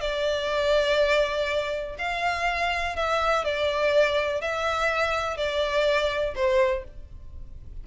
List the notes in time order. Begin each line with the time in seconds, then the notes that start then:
0.00 D5
1.98 F5
2.96 E5
3.44 D5
4.41 E5
5.36 D5
6.35 C5